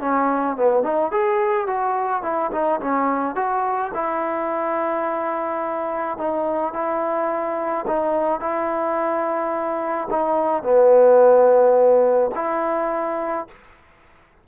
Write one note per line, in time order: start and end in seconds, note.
0.00 0.56 C#4
0.57 0.83 B3
0.83 1.11 D#4
1.11 1.66 G#4
1.66 2.23 F#4
2.23 2.51 E4
2.52 2.80 D#4
2.80 3.35 C#4
3.35 3.91 F#4
3.94 6.18 E4
6.18 6.73 D#4
6.73 7.85 E4
7.87 8.40 D#4
8.40 10.08 E4
10.10 10.63 D#4
10.63 12.31 B3
12.35 13.47 E4